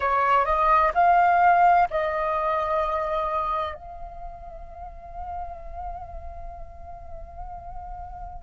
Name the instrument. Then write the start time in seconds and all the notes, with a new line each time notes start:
flute
0.00 C#5
0.45 D#5
0.94 F5
1.90 D#5
3.74 F5